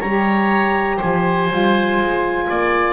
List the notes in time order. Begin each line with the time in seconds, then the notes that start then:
0.00 G3 G4 C#5 A#5
0.96 F3 C5 G#5
1.50 G3 F4
1.98 G#3
2.49 A#3 D5